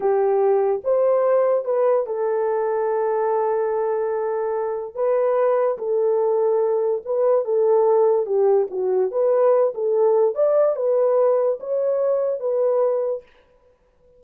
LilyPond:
\new Staff \with { instrumentName = "horn" } { \time 4/4 \tempo 4 = 145 g'2 c''2 | b'4 a'2.~ | a'1 | b'2 a'2~ |
a'4 b'4 a'2 | g'4 fis'4 b'4. a'8~ | a'4 d''4 b'2 | cis''2 b'2 | }